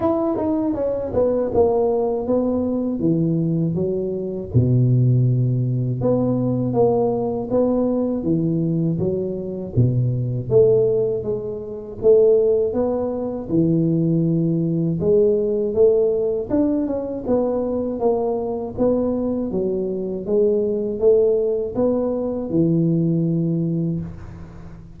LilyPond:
\new Staff \with { instrumentName = "tuba" } { \time 4/4 \tempo 4 = 80 e'8 dis'8 cis'8 b8 ais4 b4 | e4 fis4 b,2 | b4 ais4 b4 e4 | fis4 b,4 a4 gis4 |
a4 b4 e2 | gis4 a4 d'8 cis'8 b4 | ais4 b4 fis4 gis4 | a4 b4 e2 | }